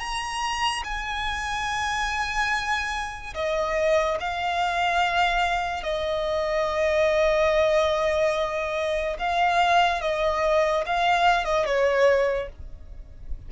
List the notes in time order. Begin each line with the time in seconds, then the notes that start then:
0.00 A#5
0.84 G#5
3.35 D#5
4.20 F5
5.83 D#5
9.19 F5
10.02 D#5
10.86 F5
11.45 D#5
11.66 C#5